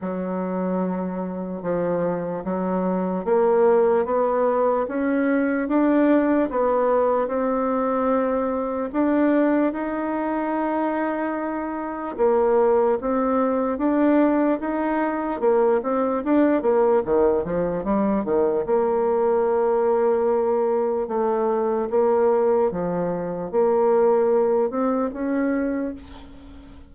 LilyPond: \new Staff \with { instrumentName = "bassoon" } { \time 4/4 \tempo 4 = 74 fis2 f4 fis4 | ais4 b4 cis'4 d'4 | b4 c'2 d'4 | dis'2. ais4 |
c'4 d'4 dis'4 ais8 c'8 | d'8 ais8 dis8 f8 g8 dis8 ais4~ | ais2 a4 ais4 | f4 ais4. c'8 cis'4 | }